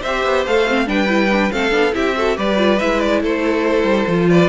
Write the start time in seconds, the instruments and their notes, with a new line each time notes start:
0.00 cello C4, violin C5 E5
0.07 viola G4
0.25 cello B3
0.46 cello A3, viola A4, violin F5
0.68 viola C4
0.86 cello G3, viola D4, violin B4 G5
1.08 viola E4
1.32 viola D4
1.51 cello A3, viola C4, violin A4 F5
1.71 cello B3, viola D4
1.93 cello C4, viola E4, violin G4 E5
2.17 viola F#4, violin A4
2.36 cello G3, viola G4, violin B4 D5
2.57 viola F4
2.80 cello G#3, viola E4, violin E5
3.00 violin D5
3.23 cello A3, violin A4 C5
3.84 cello G3
4.07 cello F3, viola F4
4.30 violin B4 D5